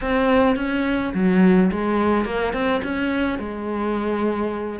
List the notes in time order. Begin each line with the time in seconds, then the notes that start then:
0.01 C4
0.56 C#4
1.14 F#3
1.71 G#3
2.25 A#3
2.53 C4
2.83 C#4
3.38 G#3